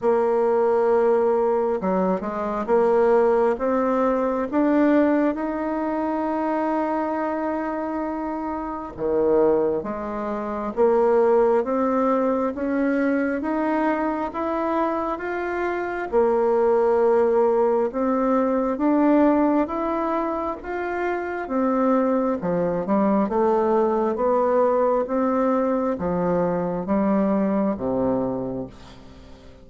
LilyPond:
\new Staff \with { instrumentName = "bassoon" } { \time 4/4 \tempo 4 = 67 ais2 fis8 gis8 ais4 | c'4 d'4 dis'2~ | dis'2 dis4 gis4 | ais4 c'4 cis'4 dis'4 |
e'4 f'4 ais2 | c'4 d'4 e'4 f'4 | c'4 f8 g8 a4 b4 | c'4 f4 g4 c4 | }